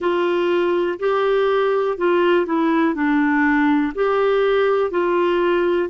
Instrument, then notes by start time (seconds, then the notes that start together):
clarinet
0.00 F4
0.99 G4
1.97 F4
2.46 E4
2.94 D4
3.94 G4
4.90 F4